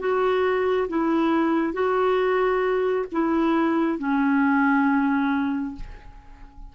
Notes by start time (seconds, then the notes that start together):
0.00 F#4
0.89 E4
1.74 F#4
3.12 E4
3.99 C#4